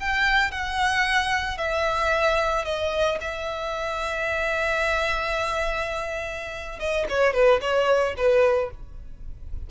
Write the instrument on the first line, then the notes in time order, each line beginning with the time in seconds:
violin
0.00 G5
0.52 F#5
1.58 E5
2.65 D#5
3.21 E5
6.80 D#5
7.09 C#5
7.34 B4
7.61 C#5
8.17 B4